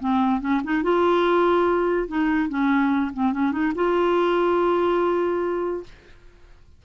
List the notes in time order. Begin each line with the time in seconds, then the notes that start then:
0.00 C4
0.41 C#4
0.64 D#4
0.83 F4
2.08 D#4
2.49 C#4
3.13 C4
3.33 C#4
3.52 D#4
3.75 F4